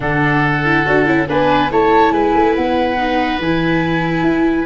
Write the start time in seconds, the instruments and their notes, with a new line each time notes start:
0.00 tuba D3, viola D4, oboe A4, flute F#5
0.64 viola E4
0.85 tuba D4, viola F#4
1.05 tuba C#4, viola E4
1.27 tuba B3, viola D4, oboe B4, flute G#5
1.70 tuba A3, viola E4, oboe C#5, flute A5
2.11 tuba G#3, oboe B4, flute G#5
2.34 tuba A3
2.55 tuba B3, flute F#5
2.97 viola D#4
3.39 tuba E3, viola E4, flute G#5
4.22 tuba E4